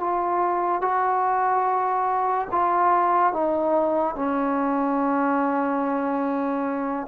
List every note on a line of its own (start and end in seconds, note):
0.00 0.81 F4
0.81 2.48 F#4
2.52 3.33 F4
3.33 4.16 D#4
4.16 7.07 C#4